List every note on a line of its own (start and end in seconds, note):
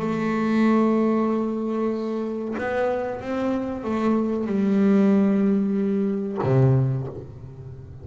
0.00 2.55 A3
2.58 3.21 B3
3.21 3.84 C4
3.84 4.47 A3
4.47 6.38 G3
6.44 7.07 C3